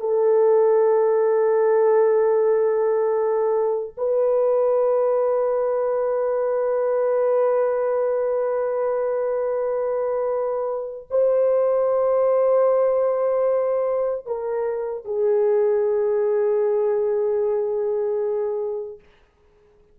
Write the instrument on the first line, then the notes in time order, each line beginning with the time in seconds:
horn
0.00 A4
3.97 B4
11.10 C5
14.26 A#4
15.04 G#4